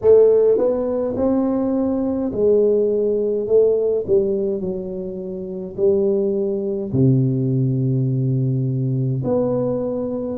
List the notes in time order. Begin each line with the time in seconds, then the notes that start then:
0.01 A3
0.57 B3
1.16 C4
2.31 G#3
3.47 A3
4.06 G3
4.60 F#3
5.76 G3
6.92 C3
9.24 B3